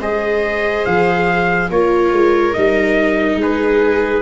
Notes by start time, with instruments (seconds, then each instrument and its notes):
0.00 tuba G#3, viola G#4 C5, trumpet D#5
0.85 tuba F3, trumpet F5
1.70 tuba A#3, viola F4 A#4, trumpet C#5
2.12 tuba G#3
2.54 tuba G3, viola D#4, trumpet D#5
3.36 tuba G#3
3.42 viola G#4, trumpet B4